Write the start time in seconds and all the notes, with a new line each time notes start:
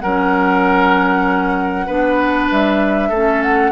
0.00 F#3 C#4 A#4 F#5
1.86 B3 D4 B4
2.51 G3 E5
3.09 A3 C#4 A4
3.43 F#5